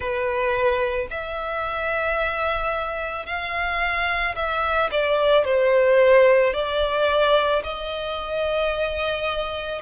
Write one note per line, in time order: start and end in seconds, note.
0.00 1.07 B4
1.10 3.26 E5
3.26 4.35 F5
4.35 4.90 E5
4.91 5.44 D5
5.44 6.53 C5
6.53 7.62 D5
7.63 9.81 D#5